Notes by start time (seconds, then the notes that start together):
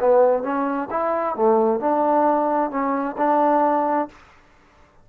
0.00 B3
0.43 C#4
0.90 E4
1.36 A3
1.80 D4
2.70 C#4
3.17 D4